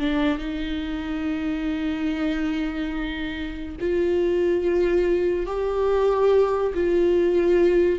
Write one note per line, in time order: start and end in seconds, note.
0.00 0.39 D4
0.39 3.77 D#4
3.81 5.47 F4
5.47 6.73 G4
6.75 8.00 F4